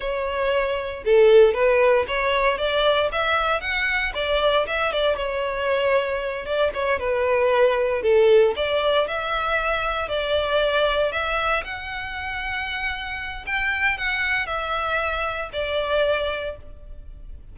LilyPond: \new Staff \with { instrumentName = "violin" } { \time 4/4 \tempo 4 = 116 cis''2 a'4 b'4 | cis''4 d''4 e''4 fis''4 | d''4 e''8 d''8 cis''2~ | cis''8 d''8 cis''8 b'2 a'8~ |
a'8 d''4 e''2 d''8~ | d''4. e''4 fis''4.~ | fis''2 g''4 fis''4 | e''2 d''2 | }